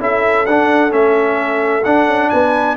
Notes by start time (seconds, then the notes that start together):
0.00 C#4 E4 A4 E5
0.46 D4 F#5
0.91 A3 C#4 E5
1.85 D4 F#5
2.07 C#4
2.30 B3 B4 G#5